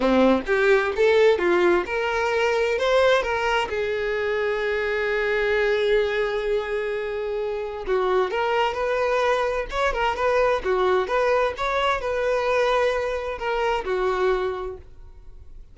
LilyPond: \new Staff \with { instrumentName = "violin" } { \time 4/4 \tempo 4 = 130 c'4 g'4 a'4 f'4 | ais'2 c''4 ais'4 | gis'1~ | gis'1~ |
gis'4 fis'4 ais'4 b'4~ | b'4 cis''8 ais'8 b'4 fis'4 | b'4 cis''4 b'2~ | b'4 ais'4 fis'2 | }